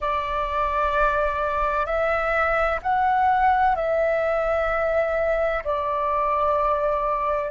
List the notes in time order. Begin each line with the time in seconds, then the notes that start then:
0.00 D5
1.85 E5
2.82 F#5
3.75 E5
5.63 D5